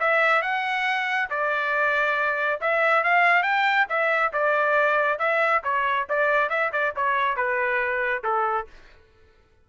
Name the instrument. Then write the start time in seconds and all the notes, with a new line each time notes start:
trumpet
0.00 E5
0.42 F#5
1.30 D5
2.61 E5
3.04 F5
3.43 G5
3.89 E5
4.33 D5
5.19 E5
5.64 C#5
6.09 D5
6.50 E5
6.73 D5
6.96 C#5
7.36 B4
8.24 A4